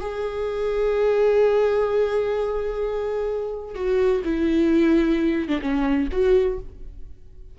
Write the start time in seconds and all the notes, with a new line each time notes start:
0.00 G#4
3.75 F#4
4.24 E4
5.48 D4
5.61 C#4
6.12 F#4